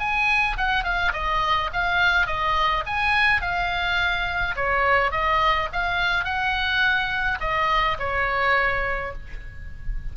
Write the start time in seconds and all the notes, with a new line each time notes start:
0.00 G#5
0.58 F#5
0.84 F5
1.14 D#5
1.73 F5
2.27 D#5
2.86 G#5
3.42 F5
4.56 C#5
5.12 D#5
5.73 F5
6.25 F#5
7.41 D#5
7.99 C#5